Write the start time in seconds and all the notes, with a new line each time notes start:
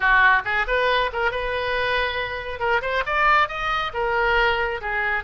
0.00 F#4
0.44 G#4
0.67 B4
1.12 A#4
1.31 B4
2.59 A#4
2.81 C5
3.06 D5
3.48 D#5
3.93 A#4
4.81 G#4